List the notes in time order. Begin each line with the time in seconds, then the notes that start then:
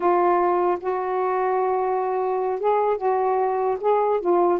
0.00 F4
0.80 F#4
2.59 G#4
2.97 F#4
3.80 G#4
4.20 F4